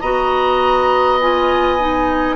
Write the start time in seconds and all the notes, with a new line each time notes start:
0.00 B3 F#4 D#5 A#5
1.20 F4 G#5
1.79 D#4